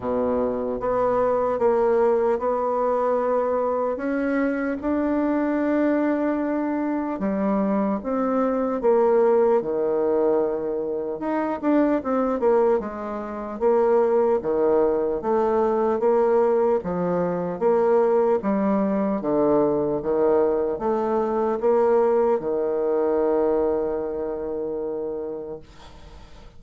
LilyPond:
\new Staff \with { instrumentName = "bassoon" } { \time 4/4 \tempo 4 = 75 b,4 b4 ais4 b4~ | b4 cis'4 d'2~ | d'4 g4 c'4 ais4 | dis2 dis'8 d'8 c'8 ais8 |
gis4 ais4 dis4 a4 | ais4 f4 ais4 g4 | d4 dis4 a4 ais4 | dis1 | }